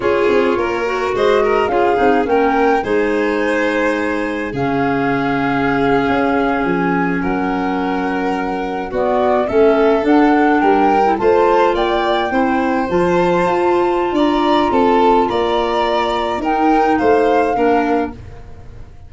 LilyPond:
<<
  \new Staff \with { instrumentName = "flute" } { \time 4/4 \tempo 4 = 106 cis''2 dis''4 f''4 | g''4 gis''2. | f''2.~ f''8. gis''16~ | gis''8. fis''2. d''16~ |
d''8. e''4 fis''4 g''4 a''16~ | a''8. g''2 a''4~ a''16~ | a''4 ais''4 a''4 ais''4~ | ais''4 g''4 f''2 | }
  \new Staff \with { instrumentName = "violin" } { \time 4/4 gis'4 ais'4 c''8 ais'8 gis'4 | ais'4 c''2. | gis'1~ | gis'8. ais'2. fis'16~ |
fis'8. a'2 ais'4 c''16~ | c''8. d''4 c''2~ c''16~ | c''4 d''4 a'4 d''4~ | d''4 ais'4 c''4 ais'4 | }
  \new Staff \with { instrumentName = "clarinet" } { \time 4/4 f'4. fis'4. f'8 dis'8 | cis'4 dis'2. | cis'1~ | cis'2.~ cis'8. b16~ |
b8. cis'4 d'4.~ d'16 e'16 f'16~ | f'4.~ f'16 e'4 f'4~ f'16~ | f'1~ | f'4 dis'2 d'4 | }
  \new Staff \with { instrumentName = "tuba" } { \time 4/4 cis'8 c'8 ais4 gis4 cis'8 c'8 | ais4 gis2. | cis2~ cis8. cis'4 f16~ | f8. fis2. b16~ |
b8. a4 d'4 g4 a16~ | a8. ais4 c'4 f4 f'16~ | f'4 d'4 c'4 ais4~ | ais4 dis'4 a4 ais4 | }
>>